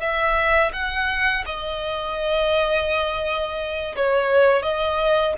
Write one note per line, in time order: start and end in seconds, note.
0.00 0.71 E5
0.73 1.44 F#5
1.45 3.95 D#5
3.96 4.62 C#5
4.62 5.33 D#5